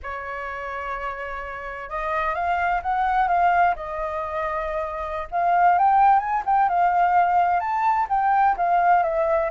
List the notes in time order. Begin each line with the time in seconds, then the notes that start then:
0.03 C#5
1.89 D#5
2.34 F5
2.82 F#5
3.27 F5
3.75 D#5
5.31 F5
5.78 G5
6.19 G#5
6.45 G5
6.69 F5
7.60 A5
8.09 G5
8.57 F5
9.03 E5